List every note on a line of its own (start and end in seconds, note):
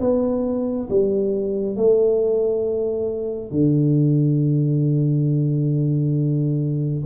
0.00 0.88 B3
0.89 1.76 G3
1.76 3.51 A3
3.51 7.03 D3